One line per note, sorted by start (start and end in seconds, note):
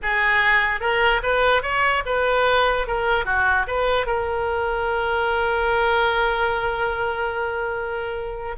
0.02 0.80 G#4
0.80 1.21 A#4
1.22 1.62 B4
1.62 2.03 C#5
2.05 2.87 B4
2.87 3.25 A#4
3.25 3.66 F#4
3.67 4.06 B4
4.06 8.55 A#4